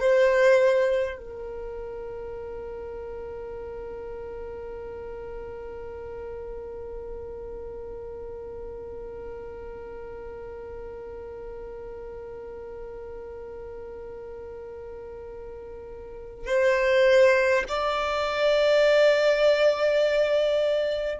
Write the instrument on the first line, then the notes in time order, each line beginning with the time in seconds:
violin
0.00 C5
1.18 A#4
16.47 C5
17.68 D5